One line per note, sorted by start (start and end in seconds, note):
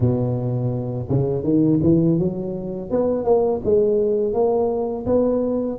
0.00 1.08 B2
1.09 1.43 C#3
1.43 1.79 D#3
1.82 2.19 E3
2.19 2.90 F#3
2.90 3.24 B3
3.24 3.60 A#3
3.64 4.33 G#3
4.33 5.05 A#3
5.06 5.78 B3